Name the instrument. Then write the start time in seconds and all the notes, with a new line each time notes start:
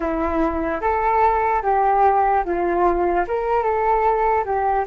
flute
0.00 E4
0.81 A4
1.62 G4
2.44 F4
3.27 A#4
3.63 A4
4.44 G4